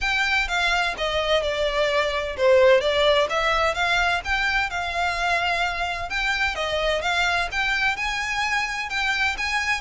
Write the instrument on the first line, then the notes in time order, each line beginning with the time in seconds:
violin
0.01 G5
0.48 F5
0.97 D#5
1.42 D5
2.37 C5
2.80 D5
3.29 E5
3.74 F5
4.24 G5
4.70 F5
6.09 G5
6.55 D#5
7.01 F5
7.51 G5
7.96 G#5
8.89 G5
9.37 G#5